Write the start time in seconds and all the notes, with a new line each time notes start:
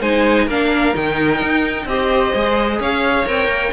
0.00 G#3 D#4 C5 G#5
0.45 A#3 D4 A#4 F5
0.94 D#3 D#4 G5
1.41 D#4
1.85 C4 G4 D#5
1.92 C5
2.34 G#3 G#4
2.79 C#4 C#5 F5
3.25 C4 A#4 G5
3.47 A#3